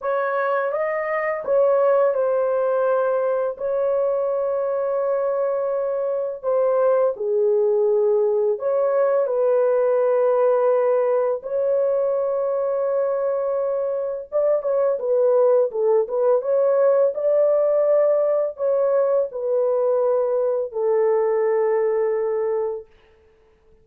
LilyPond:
\new Staff \with { instrumentName = "horn" } { \time 4/4 \tempo 4 = 84 cis''4 dis''4 cis''4 c''4~ | c''4 cis''2.~ | cis''4 c''4 gis'2 | cis''4 b'2. |
cis''1 | d''8 cis''8 b'4 a'8 b'8 cis''4 | d''2 cis''4 b'4~ | b'4 a'2. | }